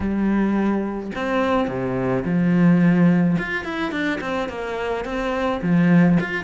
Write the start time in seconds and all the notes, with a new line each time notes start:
0.00 G3
1.15 C4
1.67 C3
2.24 F3
3.38 F4
3.64 E4
3.91 D4
4.21 C4
4.49 A#3
5.04 C4
5.62 F3
6.20 F4